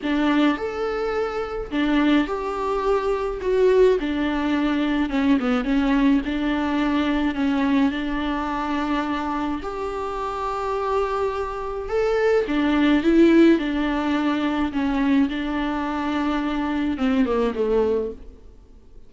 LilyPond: \new Staff \with { instrumentName = "viola" } { \time 4/4 \tempo 4 = 106 d'4 a'2 d'4 | g'2 fis'4 d'4~ | d'4 cis'8 b8 cis'4 d'4~ | d'4 cis'4 d'2~ |
d'4 g'2.~ | g'4 a'4 d'4 e'4 | d'2 cis'4 d'4~ | d'2 c'8 ais8 a4 | }